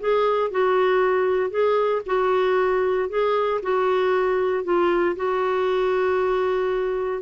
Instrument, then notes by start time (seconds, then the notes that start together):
clarinet
0.00 G#4
0.51 F#4
1.50 G#4
2.06 F#4
3.09 G#4
3.62 F#4
4.64 F4
5.16 F#4